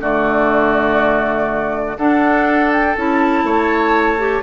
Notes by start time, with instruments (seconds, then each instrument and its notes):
0.00 bassoon D3, clarinet A3, oboe F#4, flute D5
1.97 bassoon D4, clarinet D4, oboe A4, flute F#5
2.72 flute G5
2.96 bassoon C#4, clarinet E4, flute A5
3.43 bassoon A3, oboe C#5
4.18 clarinet G4